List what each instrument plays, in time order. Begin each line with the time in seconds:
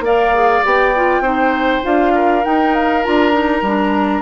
0.00 bassoon A#3, clarinet A#4, oboe D5, flute F5
0.35 clarinet G#4
0.65 bassoon B3, clarinet G4, flute G5
0.96 clarinet F4
1.21 bassoon C4, clarinet D#4, oboe C5
1.82 bassoon D4, clarinet F4, flute F5
2.15 oboe A#4
2.44 clarinet D#4, bassoon D#4, flute G5
2.75 flute F5
3.04 bassoon D4, clarinet F4, flute A#5
3.33 clarinet D#4
3.62 bassoon G3, clarinet D4